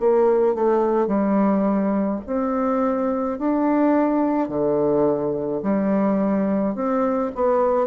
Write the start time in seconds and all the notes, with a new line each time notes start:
0.00 A#3
0.55 A3
1.08 G3
2.27 C4
3.39 D4
4.49 D3
5.63 G3
6.75 C4
7.35 B3